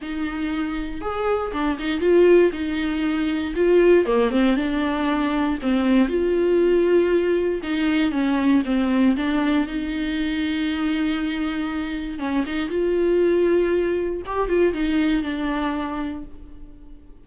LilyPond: \new Staff \with { instrumentName = "viola" } { \time 4/4 \tempo 4 = 118 dis'2 gis'4 d'8 dis'8 | f'4 dis'2 f'4 | ais8 c'8 d'2 c'4 | f'2. dis'4 |
cis'4 c'4 d'4 dis'4~ | dis'1 | cis'8 dis'8 f'2. | g'8 f'8 dis'4 d'2 | }